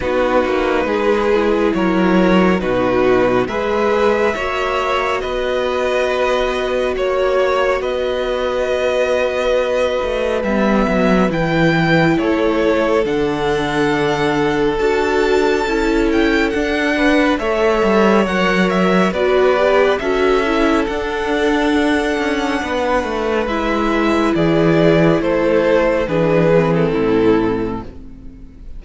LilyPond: <<
  \new Staff \with { instrumentName = "violin" } { \time 4/4 \tempo 4 = 69 b'2 cis''4 b'4 | e''2 dis''2 | cis''4 dis''2. | e''4 g''4 cis''4 fis''4~ |
fis''4 a''4. g''8 fis''4 | e''4 fis''8 e''8 d''4 e''4 | fis''2. e''4 | d''4 c''4 b'8. a'4~ a'16 | }
  \new Staff \with { instrumentName = "violin" } { \time 4/4 fis'4 gis'4 ais'4 fis'4 | b'4 cis''4 b'2 | cis''4 b'2.~ | b'2 a'2~ |
a'2.~ a'8 b'8 | cis''2 b'4 a'4~ | a'2 b'2 | gis'4 a'4 gis'4 e'4 | }
  \new Staff \with { instrumentName = "viola" } { \time 4/4 dis'4. e'4. dis'4 | gis'4 fis'2.~ | fis'1 | b4 e'2 d'4~ |
d'4 fis'4 e'4 d'4 | a'4 ais'4 fis'8 g'8 fis'8 e'8 | d'2. e'4~ | e'2 d'8 c'4. | }
  \new Staff \with { instrumentName = "cello" } { \time 4/4 b8 ais8 gis4 fis4 b,4 | gis4 ais4 b2 | ais4 b2~ b8 a8 | g8 fis8 e4 a4 d4~ |
d4 d'4 cis'4 d'4 | a8 g8 fis4 b4 cis'4 | d'4. cis'8 b8 a8 gis4 | e4 a4 e4 a,4 | }
>>